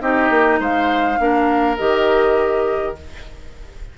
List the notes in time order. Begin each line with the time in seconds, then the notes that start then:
0.00 C4 D#4 G4 D#5
0.30 A#3
0.59 G#3 C5 F5
1.18 A#3 D4 A#4
1.77 D#3 G4 D#5